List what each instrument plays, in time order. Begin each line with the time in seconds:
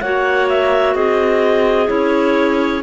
0.00 cello A#3, clarinet F#4 C#5 F#5
0.48 clarinet E5
0.95 cello C4, clarinet G#4 D#5
1.87 cello C#4, clarinet E4 C#5